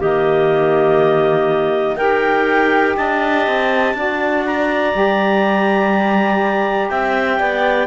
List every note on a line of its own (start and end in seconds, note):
0.00 1.97 D#3
0.00 1.98 A#3
0.00 1.97 G4
0.00 1.97 D#5
1.97 2.95 D#4
1.97 3.96 G4
1.97 2.95 A#4
1.97 2.95 G5
2.97 3.47 D4
2.97 3.96 D#5
2.97 4.44 A5
3.47 3.94 C4
3.94 4.93 D4
3.94 4.94 F#4
3.94 6.91 D5
4.47 6.90 A#5
4.94 6.91 G3
4.94 7.87 G4
6.90 7.40 C4
6.90 7.40 E5
6.90 7.87 G5
7.40 7.87 B3
7.40 7.87 D5